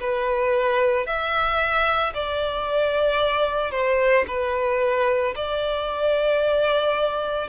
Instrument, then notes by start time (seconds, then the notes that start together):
violin
0.00 B4
1.06 E5
2.14 D5
3.72 C5
4.28 B4
5.36 D5